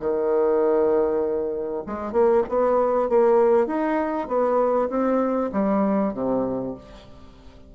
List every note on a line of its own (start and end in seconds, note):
0.00 1.84 D#3
1.86 2.12 G#3
2.12 2.43 A#3
2.49 3.09 B3
3.09 3.67 A#3
3.67 4.28 D#4
4.28 4.89 B3
4.90 5.51 C4
5.53 6.14 G3
6.14 6.75 C3